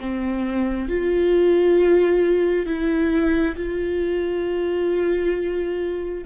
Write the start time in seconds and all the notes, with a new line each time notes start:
0.00 C4
0.88 F4
2.66 E4
3.56 F4